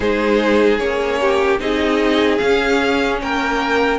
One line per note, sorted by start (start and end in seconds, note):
0.00 0.79 G#3
0.00 0.79 D#4
0.00 1.19 G#4
0.00 0.78 C5
0.78 1.59 A#3
0.78 1.59 C#4
0.78 1.58 C#5
1.21 1.61 G4
1.59 2.39 C4
1.59 2.39 D#4
1.59 3.21 G#4
1.59 2.37 D#5
2.37 3.99 C#4
2.37 3.22 C#4
2.37 3.17 F5
3.22 3.99 A#3
3.22 3.99 A#4
3.22 3.99 G5